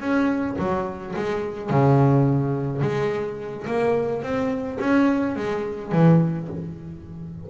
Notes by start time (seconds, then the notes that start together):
0.00 C#4
0.58 F#3
1.16 G#3
1.70 C#3
2.82 G#3
3.67 A#3
4.22 C4
4.80 C#4
5.36 G#3
5.92 E3